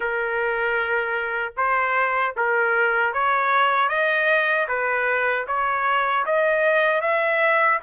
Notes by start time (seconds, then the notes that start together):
0.00 A#4
1.56 C5
2.36 A#4
3.13 C#5
3.88 D#5
4.68 B4
5.47 C#5
6.25 D#5
7.01 E5